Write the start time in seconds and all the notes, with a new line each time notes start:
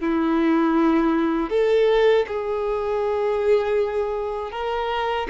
0.00 E4
1.49 A4
2.27 G#4
4.51 A#4